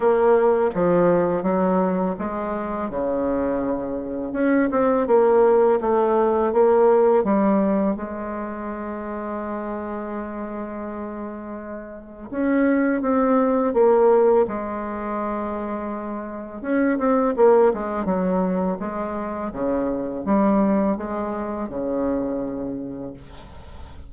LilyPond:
\new Staff \with { instrumentName = "bassoon" } { \time 4/4 \tempo 4 = 83 ais4 f4 fis4 gis4 | cis2 cis'8 c'8 ais4 | a4 ais4 g4 gis4~ | gis1~ |
gis4 cis'4 c'4 ais4 | gis2. cis'8 c'8 | ais8 gis8 fis4 gis4 cis4 | g4 gis4 cis2 | }